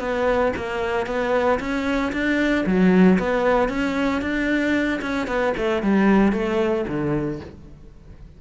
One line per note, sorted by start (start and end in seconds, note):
0.00 0.53 B3
0.57 1.07 A#3
1.07 1.60 B3
1.60 2.12 C#4
2.13 2.65 D4
2.66 3.19 F#3
3.19 3.69 B3
3.69 4.22 C#4
4.22 5.01 D4
5.02 5.28 C#4
5.28 5.54 B3
5.57 5.83 A3
5.83 6.33 G3
6.33 6.86 A3
6.88 7.40 D3